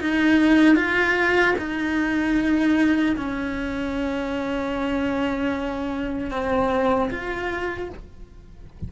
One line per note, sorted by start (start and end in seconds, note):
0.00 0.76 D#4
0.76 1.55 F4
1.58 3.16 D#4
3.16 6.31 C#4
6.31 7.10 C4
7.11 7.89 F4